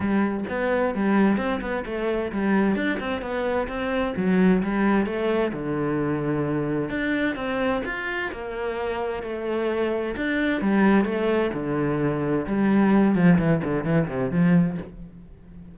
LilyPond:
\new Staff \with { instrumentName = "cello" } { \time 4/4 \tempo 4 = 130 g4 b4 g4 c'8 b8 | a4 g4 d'8 c'8 b4 | c'4 fis4 g4 a4 | d2. d'4 |
c'4 f'4 ais2 | a2 d'4 g4 | a4 d2 g4~ | g8 f8 e8 d8 e8 c8 f4 | }